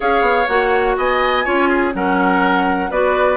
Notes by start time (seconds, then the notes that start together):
0.00 C#4 G#4 C#5 F5
0.21 B3
0.47 A#3 F#4 F#5
0.97 B3 D#5 G#5
1.44 C#4 F4 C#5
1.68 G#4
1.92 F#3 C#4 A#4 F#5
2.90 B3 F#4 B4 D5